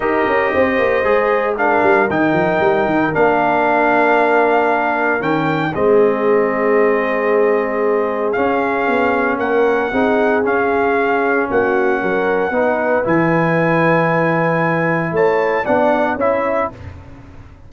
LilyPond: <<
  \new Staff \with { instrumentName = "trumpet" } { \time 4/4 \tempo 4 = 115 dis''2. f''4 | g''2 f''2~ | f''2 g''4 dis''4~ | dis''1 |
f''2 fis''2 | f''2 fis''2~ | fis''4 gis''2.~ | gis''4 a''4 fis''4 e''4 | }
  \new Staff \with { instrumentName = "horn" } { \time 4/4 ais'4 c''2 ais'4~ | ais'1~ | ais'2. gis'4~ | gis'1~ |
gis'2 ais'4 gis'4~ | gis'2 fis'4 ais'4 | b'1~ | b'4 cis''4 d''4 cis''4 | }
  \new Staff \with { instrumentName = "trombone" } { \time 4/4 g'2 gis'4 d'4 | dis'2 d'2~ | d'2 cis'4 c'4~ | c'1 |
cis'2. dis'4 | cis'1 | dis'4 e'2.~ | e'2 d'4 e'4 | }
  \new Staff \with { instrumentName = "tuba" } { \time 4/4 dis'8 cis'8 c'8 ais8 gis4. g8 | dis8 f8 g8 dis8 ais2~ | ais2 dis4 gis4~ | gis1 |
cis'4 b4 ais4 c'4 | cis'2 ais4 fis4 | b4 e2.~ | e4 a4 b4 cis'4 | }
>>